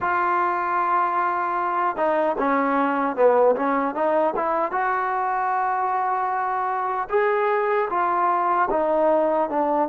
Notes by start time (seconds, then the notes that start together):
0.00 F4
1.96 D#4
2.38 C#4
3.15 B3
3.55 C#4
3.94 D#4
4.36 E4
4.71 F#4
7.09 G#4
7.89 F4
8.70 D#4
9.49 D4